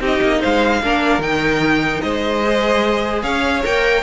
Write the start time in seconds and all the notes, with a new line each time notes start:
0.00 C4 D#4 G4 D#5
0.22 A#3
0.40 G#3 C5 F5
0.83 A#3 D4 A#4
1.18 D#3 D#4 G5
2.01 G#3 C5 D#5
2.44 G#4
3.23 C#4 C#5 F5
3.63 A#3 A#4 G5